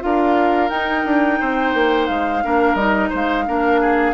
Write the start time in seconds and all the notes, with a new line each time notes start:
0.00 D4 F4 A#4 F5
0.69 D#4 G5
1.05 D4
1.40 C4 C5
1.74 A#3
2.07 G#3 F5
2.44 A#3 D4 A#4
2.75 G3 D#4 D#5
3.09 G#3 C5 F5
3.47 A#3 D4 A#4
3.81 G#4